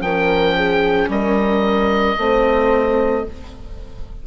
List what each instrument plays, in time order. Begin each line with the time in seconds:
0.00 bassoon F3, viola C#4, horn A#4, oboe G5
0.56 horn G#4
1.08 bassoon G3, horn A#4, oboe D#5
2.17 bassoon A3, viola C4, horn C5